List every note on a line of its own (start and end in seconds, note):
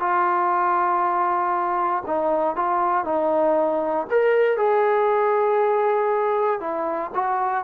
0.00 2.03 F4
2.06 2.56 D#4
2.56 3.05 F4
3.05 4.07 D#4
4.10 4.57 A#4
4.57 6.60 G#4
6.60 7.11 E4
7.15 7.64 F#4